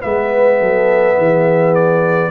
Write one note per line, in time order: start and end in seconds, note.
0.00 0.60 G#3
0.00 2.30 B3
0.00 0.58 B4
0.00 1.74 E5
0.59 1.17 F#3
0.59 1.17 A4
1.17 2.30 E3
1.17 2.30 G#4
1.74 2.30 D5